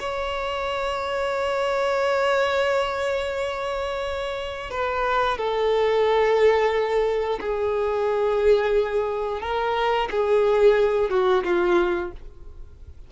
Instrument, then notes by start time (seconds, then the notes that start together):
violin
0.00 C#5
4.71 B4
5.38 A4
7.40 G#4
9.41 A#4
10.11 G#4
11.10 F#4
11.44 F4